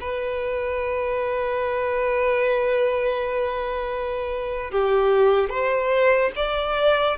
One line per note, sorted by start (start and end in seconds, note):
0.00 4.70 B4
4.70 5.49 G4
5.49 6.31 C5
6.35 7.17 D5